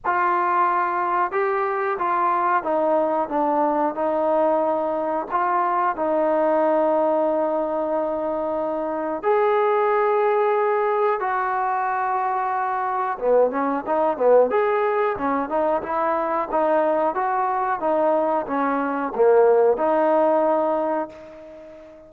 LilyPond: \new Staff \with { instrumentName = "trombone" } { \time 4/4 \tempo 4 = 91 f'2 g'4 f'4 | dis'4 d'4 dis'2 | f'4 dis'2.~ | dis'2 gis'2~ |
gis'4 fis'2. | b8 cis'8 dis'8 b8 gis'4 cis'8 dis'8 | e'4 dis'4 fis'4 dis'4 | cis'4 ais4 dis'2 | }